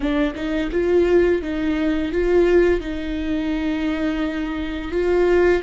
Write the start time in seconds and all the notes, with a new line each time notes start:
0.00 D4
0.35 D#4
0.71 F4
1.41 D#4
2.11 F4
2.80 D#4
4.91 F4